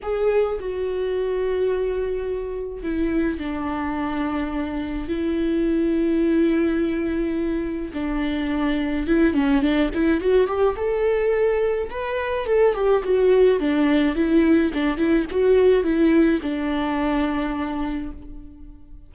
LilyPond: \new Staff \with { instrumentName = "viola" } { \time 4/4 \tempo 4 = 106 gis'4 fis'2.~ | fis'4 e'4 d'2~ | d'4 e'2.~ | e'2 d'2 |
e'8 cis'8 d'8 e'8 fis'8 g'8 a'4~ | a'4 b'4 a'8 g'8 fis'4 | d'4 e'4 d'8 e'8 fis'4 | e'4 d'2. | }